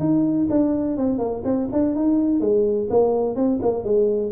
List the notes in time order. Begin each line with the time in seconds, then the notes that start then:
0.00 D#4
0.50 D4
0.98 C4
1.19 A#3
1.45 C4
1.73 D4
1.96 D#4
2.41 G#3
2.90 A#3
3.36 C4
3.63 A#3
3.84 G#3